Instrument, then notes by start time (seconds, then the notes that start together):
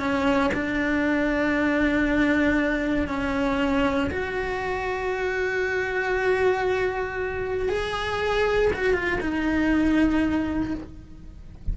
cello
0.00 C#4
0.54 D4
3.08 C#4
4.11 F#4
7.69 G#4
8.73 F#4
8.94 F4
9.21 D#4